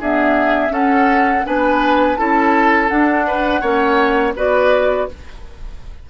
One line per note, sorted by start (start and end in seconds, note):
0.00 0.69 B3
0.00 0.70 D4
0.00 0.72 G#4
0.00 0.73 E5
0.69 1.41 C#4
0.69 1.43 C#4
0.69 1.45 A4
0.69 1.45 F#5
1.45 2.19 B3
1.45 2.17 D4
1.45 2.18 B4
1.45 2.17 G#5
2.17 2.91 C#4
2.17 2.89 E4
2.17 3.27 A4
2.17 2.89 A5
2.89 3.61 D4
2.89 3.62 D4
2.89 4.34 F#5
3.27 3.61 B4
3.61 4.35 A#3
3.61 4.34 C#4
3.61 4.34 C#5
4.36 5.09 B3
4.36 5.09 F#4
4.36 5.08 B4
4.36 5.10 D5